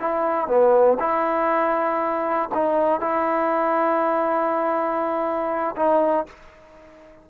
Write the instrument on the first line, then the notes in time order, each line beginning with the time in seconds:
trombone
0.00 E4
0.48 B3
1.00 E4
2.55 D#4
3.01 E4
5.77 D#4